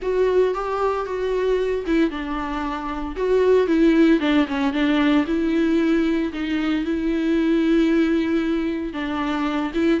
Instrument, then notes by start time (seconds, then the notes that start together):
viola
0.01 F#4
0.54 G4
1.05 F#4
1.86 E4
2.10 D4
3.16 F#4
3.67 E4
4.20 D4
4.47 C#4
4.72 D4
5.26 E4
6.32 D#4
6.84 E4
8.93 D4
9.74 E4